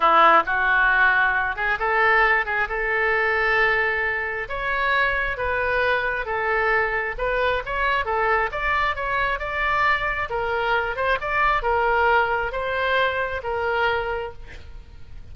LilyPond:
\new Staff \with { instrumentName = "oboe" } { \time 4/4 \tempo 4 = 134 e'4 fis'2~ fis'8 gis'8 | a'4. gis'8 a'2~ | a'2 cis''2 | b'2 a'2 |
b'4 cis''4 a'4 d''4 | cis''4 d''2 ais'4~ | ais'8 c''8 d''4 ais'2 | c''2 ais'2 | }